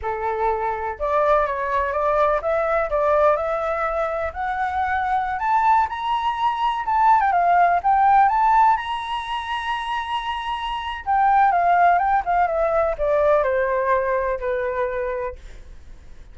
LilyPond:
\new Staff \with { instrumentName = "flute" } { \time 4/4 \tempo 4 = 125 a'2 d''4 cis''4 | d''4 e''4 d''4 e''4~ | e''4 fis''2~ fis''16 a''8.~ | a''16 ais''2 a''8. g''16 f''8.~ |
f''16 g''4 a''4 ais''4.~ ais''16~ | ais''2. g''4 | f''4 g''8 f''8 e''4 d''4 | c''2 b'2 | }